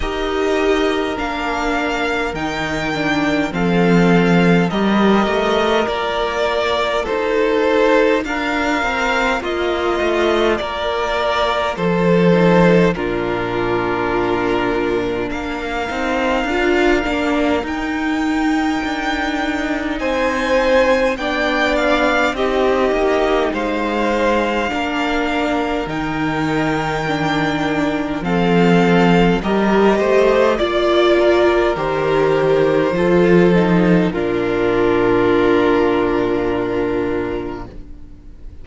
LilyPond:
<<
  \new Staff \with { instrumentName = "violin" } { \time 4/4 \tempo 4 = 51 dis''4 f''4 g''4 f''4 | dis''4 d''4 c''4 f''4 | dis''4 d''4 c''4 ais'4~ | ais'4 f''2 g''4~ |
g''4 gis''4 g''8 f''8 dis''4 | f''2 g''2 | f''4 dis''4 d''4 c''4~ | c''4 ais'2. | }
  \new Staff \with { instrumentName = "violin" } { \time 4/4 ais'2. a'4 | ais'2 a'4 ais'4 | f'4 ais'4 a'4 f'4~ | f'4 ais'2.~ |
ais'4 c''4 d''4 g'4 | c''4 ais'2. | a'4 ais'8 c''8 d''8 ais'4. | a'4 f'2. | }
  \new Staff \with { instrumentName = "viola" } { \time 4/4 g'4 d'4 dis'8 d'8 c'4 | g'4 f'2.~ | f'2~ f'8 dis'8 d'4~ | d'4. dis'8 f'8 d'8 dis'4~ |
dis'2 d'4 dis'4~ | dis'4 d'4 dis'4 d'4 | c'4 g'4 f'4 g'4 | f'8 dis'8 d'2. | }
  \new Staff \with { instrumentName = "cello" } { \time 4/4 dis'4 ais4 dis4 f4 | g8 a8 ais4 dis'4 d'8 c'8 | ais8 a8 ais4 f4 ais,4~ | ais,4 ais8 c'8 d'8 ais8 dis'4 |
d'4 c'4 b4 c'8 ais8 | gis4 ais4 dis2 | f4 g8 a8 ais4 dis4 | f4 ais,2. | }
>>